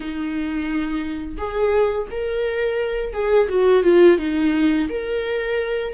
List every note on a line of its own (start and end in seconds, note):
0.00 1.37 D#4
1.37 2.07 G#4
2.11 3.13 A#4
3.13 3.48 G#4
3.48 3.83 F#4
3.83 4.18 F4
4.18 4.88 D#4
4.89 5.93 A#4